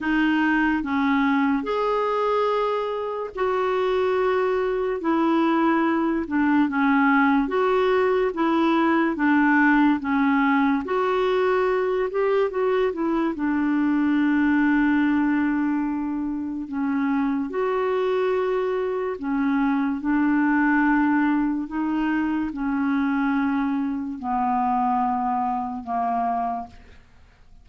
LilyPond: \new Staff \with { instrumentName = "clarinet" } { \time 4/4 \tempo 4 = 72 dis'4 cis'4 gis'2 | fis'2 e'4. d'8 | cis'4 fis'4 e'4 d'4 | cis'4 fis'4. g'8 fis'8 e'8 |
d'1 | cis'4 fis'2 cis'4 | d'2 dis'4 cis'4~ | cis'4 b2 ais4 | }